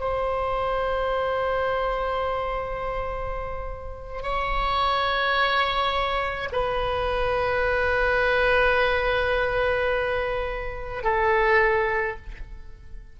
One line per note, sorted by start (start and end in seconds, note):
0.00 4.22 C5
4.22 6.49 C#5
6.52 11.03 B4
11.03 12.16 A4